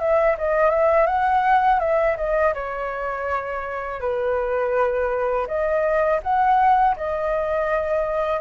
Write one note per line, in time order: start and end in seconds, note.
0.00 0.37 E5
0.38 0.71 D#5
0.71 1.07 E5
1.07 1.80 F#5
1.80 2.17 E5
2.17 2.54 D#5
2.54 4.01 C#5
4.01 5.47 B4
5.47 6.21 D#5
6.23 6.96 F#5
6.96 8.41 D#5